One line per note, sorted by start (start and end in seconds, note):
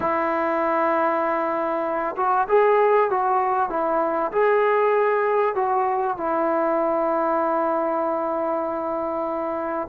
0.00 2.15 E4
2.16 2.47 F#4
2.48 3.10 G#4
3.10 3.69 F#4
3.69 4.31 E4
4.32 5.55 G#4
5.55 6.17 F#4
6.17 9.88 E4